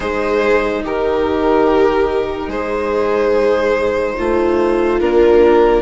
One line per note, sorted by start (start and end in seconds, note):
0.00 0.83 G#3
0.00 5.00 D#4
0.00 0.83 G#4
0.00 0.82 C5
0.83 2.47 D#3
0.83 2.48 G4
0.83 2.49 A#4
2.47 4.14 G#3
2.47 4.15 G#4
2.47 4.99 C5
4.17 5.00 A3
4.17 5.82 F4
5.00 5.82 A#3
5.00 5.82 D4
5.00 5.82 A#4